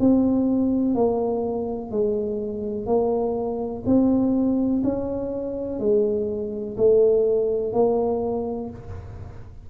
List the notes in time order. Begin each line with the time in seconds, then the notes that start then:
0.00 C4
0.95 A#3
1.91 G#3
2.86 A#3
3.86 C4
4.84 C#4
5.80 G#3
6.77 A3
7.74 A#3